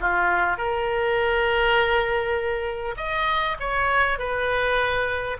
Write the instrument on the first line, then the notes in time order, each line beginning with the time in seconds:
oboe
0.00 F4
0.57 A#4
2.97 D#5
3.60 C#5
4.19 B4